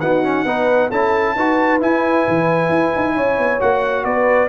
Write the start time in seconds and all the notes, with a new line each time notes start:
0.00 B3 D#4 F#4 F#5
0.23 C#4
0.45 B3 D#4 B4
0.90 C#4 E4 A4 A5
1.35 D#4 F#4 B4
1.80 E4 G#5
2.28 E3
2.69 E4
2.96 D#4
3.15 C#4 C#5
3.38 B3
3.60 A#3 F#4 F#5
4.04 B3 B4 D5